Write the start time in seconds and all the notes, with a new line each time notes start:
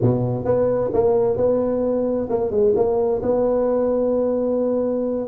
0.01 B2
0.45 B3
0.93 A#3
1.36 B3
2.29 A#3
2.50 G#3
2.75 A#3
3.22 B3